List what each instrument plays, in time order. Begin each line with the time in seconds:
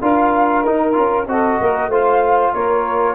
0.00 tuba D4, trombone F4, saxophone A#4, flute F5
0.63 tuba D#4, trombone D#4, flute A#4
0.93 tuba C#4, trombone F4
1.26 tuba C4, trombone F#4, saxophone A4, flute D#5
1.60 tuba A#3, saxophone A#4
1.88 tuba A3, trombone F4, saxophone C5, flute F5
2.54 tuba A#3, saxophone A#4, flute C#5